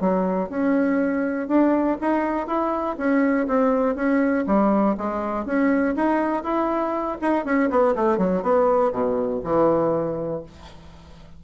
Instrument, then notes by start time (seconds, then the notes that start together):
bassoon
0.00 F#3
0.49 C#4
1.48 D4
2.01 D#4
2.47 E4
2.97 C#4
3.47 C4
3.95 C#4
4.46 G3
4.97 G#3
5.45 C#4
5.95 D#4
6.43 E4
7.21 D#4
7.44 C#4
7.70 B3
7.95 A3
8.18 F#3
8.42 B3
8.92 B2
9.43 E3